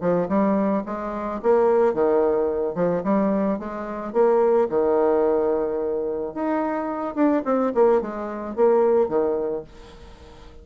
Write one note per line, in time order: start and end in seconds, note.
0.00 0.28 F3
0.28 0.83 G3
0.86 1.41 G#3
1.42 1.94 A#3
1.94 2.75 D#3
2.75 3.02 F3
3.04 3.59 G3
3.59 4.13 G#3
4.13 4.68 A#3
4.69 6.34 D#3
6.34 7.15 D#4
7.15 7.42 D4
7.45 7.72 C4
7.74 8.01 A#3
8.01 8.56 G#3
8.56 9.09 A#3
9.09 9.64 D#3